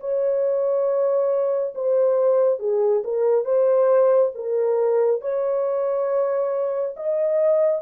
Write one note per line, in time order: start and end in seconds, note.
0.00 1.74 C#5
1.75 2.59 C5
2.59 3.03 G#4
3.04 3.45 A#4
3.45 4.32 C5
4.35 5.21 A#4
5.21 6.95 C#5
6.96 7.82 D#5